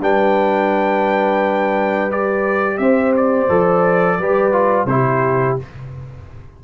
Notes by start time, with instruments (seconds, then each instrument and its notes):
0.00 tuba G3, trombone D4, horn B4, trumpet G5
2.10 trombone G4, trumpet D5
2.77 tuba C4, horn C5, trumpet E5
3.16 trumpet D5
3.48 tuba F3, trombone A4
4.18 tuba G3, trombone G4, horn B4
4.52 trombone F4
4.85 tuba C3, trombone E4, trumpet C5
4.93 horn G4